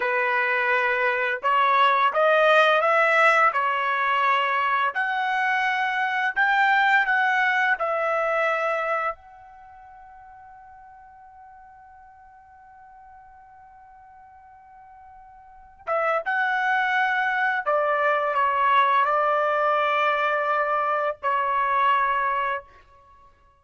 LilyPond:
\new Staff \with { instrumentName = "trumpet" } { \time 4/4 \tempo 4 = 85 b'2 cis''4 dis''4 | e''4 cis''2 fis''4~ | fis''4 g''4 fis''4 e''4~ | e''4 fis''2.~ |
fis''1~ | fis''2~ fis''8 e''8 fis''4~ | fis''4 d''4 cis''4 d''4~ | d''2 cis''2 | }